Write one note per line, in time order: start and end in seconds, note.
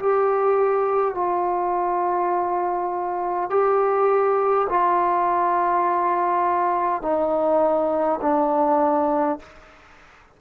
0.00 1.15 G4
1.15 3.50 F4
3.50 4.68 G4
4.70 7.02 F4
7.02 8.20 D#4
8.22 9.40 D4